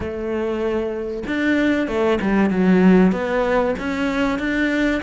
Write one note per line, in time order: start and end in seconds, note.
0.00 1.23 A3
1.26 1.87 D4
1.87 2.18 A3
2.21 2.50 G3
2.50 3.12 F#3
3.12 3.74 B3
3.78 4.38 C#4
4.38 5.01 D4